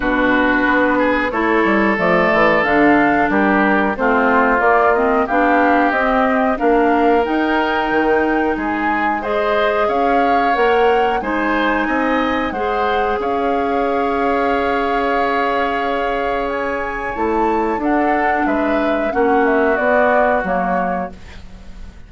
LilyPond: <<
  \new Staff \with { instrumentName = "flute" } { \time 4/4 \tempo 4 = 91 b'2 cis''4 d''4 | f''4 ais'4 c''4 d''8 dis''8 | f''4 dis''4 f''4 g''4~ | g''4 gis''4 dis''4 f''4 |
fis''4 gis''2 fis''4 | f''1~ | f''4 gis''4 a''4 fis''4 | e''4 fis''8 e''8 d''4 cis''4 | }
  \new Staff \with { instrumentName = "oboe" } { \time 4/4 fis'4. gis'8 a'2~ | a'4 g'4 f'2 | g'2 ais'2~ | ais'4 gis'4 c''4 cis''4~ |
cis''4 c''4 dis''4 c''4 | cis''1~ | cis''2. a'4 | b'4 fis'2. | }
  \new Staff \with { instrumentName = "clarinet" } { \time 4/4 d'2 e'4 a4 | d'2 c'4 ais8 c'8 | d'4 c'4 d'4 dis'4~ | dis'2 gis'2 |
ais'4 dis'2 gis'4~ | gis'1~ | gis'2 e'4 d'4~ | d'4 cis'4 b4 ais4 | }
  \new Staff \with { instrumentName = "bassoon" } { \time 4/4 b,4 b4 a8 g8 f8 e8 | d4 g4 a4 ais4 | b4 c'4 ais4 dis'4 | dis4 gis2 cis'4 |
ais4 gis4 c'4 gis4 | cis'1~ | cis'2 a4 d'4 | gis4 ais4 b4 fis4 | }
>>